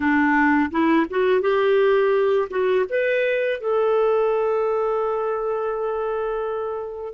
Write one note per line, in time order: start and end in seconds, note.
0.00 0.70 D4
0.70 1.06 E4
1.09 1.41 F#4
1.41 2.48 G4
2.50 2.85 F#4
2.89 3.60 B4
3.60 7.13 A4